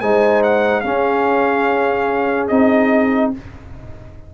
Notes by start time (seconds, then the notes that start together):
0.00 G#3 D#4 C5 G#5
0.43 F#5
0.80 C#4 G#4 F5
2.48 C4 D#4 D#5